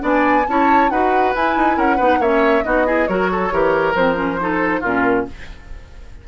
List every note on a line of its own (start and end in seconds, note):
0.00 0.46 B3
0.00 0.43 D4
0.00 0.46 D5
0.06 0.47 G#5
0.47 0.91 C#4
0.47 0.92 E4
0.47 0.91 C#5
0.47 0.90 A5
0.90 1.34 D#4
0.90 1.35 F#4
0.90 1.77 B4
0.90 1.33 F#5
1.35 1.57 E4
1.35 1.99 E4
1.35 1.79 G#5
1.57 1.77 D#4
1.77 1.99 C#4
1.77 1.96 A#4
1.77 2.22 F#5
1.96 2.19 B3
1.96 2.21 D#4
1.96 2.18 B4
2.19 2.63 A#3
2.19 2.64 C#4
2.19 2.64 C#5
2.19 2.64 E5
2.64 3.09 B3
2.64 2.86 D#4
2.64 2.87 F#4
2.64 3.08 D#5
2.86 3.08 E4
2.86 3.09 G#4
3.08 3.52 F#3
3.08 3.51 F#4
3.08 3.31 A#4
3.08 3.94 C#5
3.32 3.53 A4
3.51 3.95 E3
3.51 3.95 G4
3.51 4.40 A#4
3.95 4.82 F3
3.95 4.15 C4
3.95 4.83 C5
4.15 4.36 C#4
4.40 4.84 D#4
4.40 4.81 A4
4.81 5.28 A#2
4.81 5.27 C#4
4.81 5.24 F4
4.81 5.26 A#4